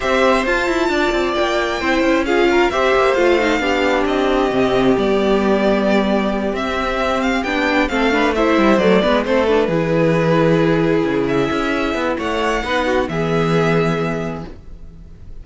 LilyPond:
<<
  \new Staff \with { instrumentName = "violin" } { \time 4/4 \tempo 4 = 133 e''4 a''2 g''4~ | g''4 f''4 e''4 f''4~ | f''4 dis''2 d''4~ | d''2~ d''8 e''4. |
f''8 g''4 f''4 e''4 d''8~ | d''8 c''8 b'2.~ | b'4 e''2 fis''4~ | fis''4 e''2. | }
  \new Staff \with { instrumentName = "violin" } { \time 4/4 c''2 d''2 | c''4 gis'8 ais'8 c''2 | g'1~ | g'1~ |
g'4. a'8 b'8 c''4. | b'8 a'4 gis'2~ gis'8~ | gis'2. cis''4 | b'8 fis'8 gis'2. | }
  \new Staff \with { instrumentName = "viola" } { \time 4/4 g'4 f'2. | e'4 f'4 g'4 f'8 dis'8 | d'2 c'4 b4~ | b2~ b8 c'4.~ |
c'8 d'4 c'8 d'8 e'4 a8 | b8 c'8 d'8 e'2~ e'8~ | e'1 | dis'4 b2. | }
  \new Staff \with { instrumentName = "cello" } { \time 4/4 c'4 f'8 e'8 d'8 c'8 ais4 | c'8 cis'4. c'8 ais8 a4 | b4 c'4 c4 g4~ | g2~ g8 c'4.~ |
c'8 b4 a4. g8 fis8 | gis8 a4 e2~ e8~ | e8 cis4 cis'4 b8 a4 | b4 e2. | }
>>